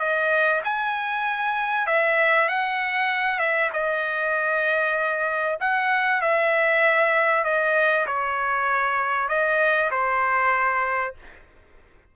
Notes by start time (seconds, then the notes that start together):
0.00 D#5
0.64 G#5
1.87 E5
2.49 F#5
3.39 E5
3.73 D#5
5.60 F#5
6.22 E5
7.45 D#5
8.07 C#5
9.29 D#5
9.91 C5